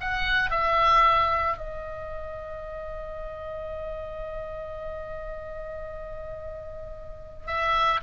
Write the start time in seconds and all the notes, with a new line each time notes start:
0.00 F#5
0.50 E5
1.57 D#5
7.47 E5